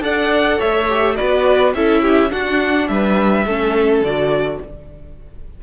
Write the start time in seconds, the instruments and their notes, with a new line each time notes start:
0.00 cello D4, viola A4, violin D5 F#5
0.57 cello A3, violin C#5 E5
0.89 viola G4
1.16 cello B3, viola F#4, violin B4 D5
1.74 cello C#4, viola E4, violin A4 E5
2.02 violin G4
2.30 viola D4, cello D4, violin F#4 F#5
2.88 cello G3, violin B4 E5
3.45 cello A3, viola C#4, violin A4
4.01 cello D3, viola F#4, violin D5